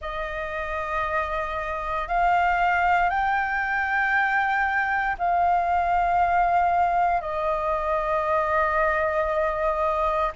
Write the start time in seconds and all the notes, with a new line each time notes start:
0.00 D#5
2.07 F5
3.09 G5
5.18 F5
7.21 D#5